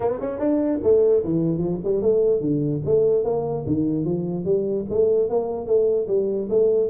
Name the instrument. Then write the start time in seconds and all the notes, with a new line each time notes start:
tuba
0.00 B3
0.20 C#4
0.39 D4
0.83 A3
1.24 E3
1.57 F3
1.84 G3
2.02 A3
2.40 D3
2.85 A3
3.24 A#3
3.66 D#3
4.04 F3
4.44 G3
4.89 A3
5.29 A#3
5.66 A3
6.07 G3
6.49 A3